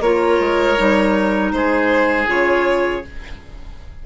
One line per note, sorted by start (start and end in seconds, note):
0.00 0.38 A#3
0.00 0.77 F4
0.00 1.52 A#4
0.00 1.51 C#5
0.40 0.77 G#3
0.77 1.52 G3
0.77 2.26 D#4
1.51 2.27 G#3
1.51 3.06 G#4
1.51 2.26 C5
2.26 3.02 C#3
2.26 3.01 F4
2.26 3.05 C#5